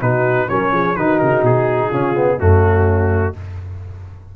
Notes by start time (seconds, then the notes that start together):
0.00 B2 D#4 F#4 B4
0.49 F#3 C#4 A#4 C#5
0.72 F3 G#4
0.96 D#3 D#4 F#4 B4
1.19 C#3 A#4
1.43 B2 G#4
1.88 C#3 C#4 F4
2.15 B3
2.38 F#2 A3 C#4 F#4